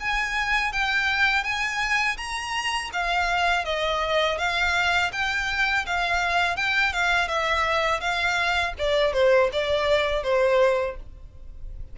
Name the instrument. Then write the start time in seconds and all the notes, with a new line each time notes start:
violin
0.00 G#5
0.72 G5
1.43 G#5
2.17 A#5
2.92 F5
3.65 D#5
4.38 F5
5.12 G5
5.86 F5
6.56 G5
6.92 F5
7.28 E5
8.00 F5
8.78 D5
9.13 C5
9.52 D5
10.23 C5